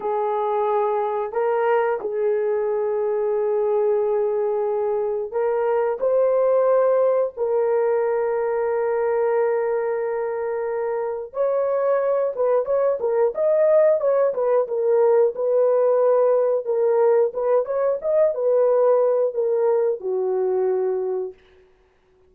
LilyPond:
\new Staff \with { instrumentName = "horn" } { \time 4/4 \tempo 4 = 90 gis'2 ais'4 gis'4~ | gis'1 | ais'4 c''2 ais'4~ | ais'1~ |
ais'4 cis''4. b'8 cis''8 ais'8 | dis''4 cis''8 b'8 ais'4 b'4~ | b'4 ais'4 b'8 cis''8 dis''8 b'8~ | b'4 ais'4 fis'2 | }